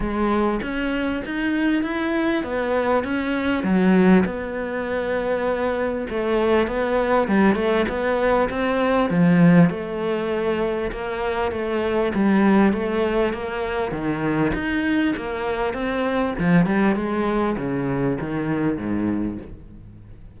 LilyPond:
\new Staff \with { instrumentName = "cello" } { \time 4/4 \tempo 4 = 99 gis4 cis'4 dis'4 e'4 | b4 cis'4 fis4 b4~ | b2 a4 b4 | g8 a8 b4 c'4 f4 |
a2 ais4 a4 | g4 a4 ais4 dis4 | dis'4 ais4 c'4 f8 g8 | gis4 cis4 dis4 gis,4 | }